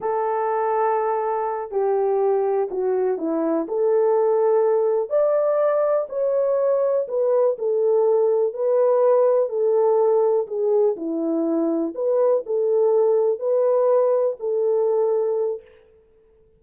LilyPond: \new Staff \with { instrumentName = "horn" } { \time 4/4 \tempo 4 = 123 a'2.~ a'8 g'8~ | g'4. fis'4 e'4 a'8~ | a'2~ a'8 d''4.~ | d''8 cis''2 b'4 a'8~ |
a'4. b'2 a'8~ | a'4. gis'4 e'4.~ | e'8 b'4 a'2 b'8~ | b'4. a'2~ a'8 | }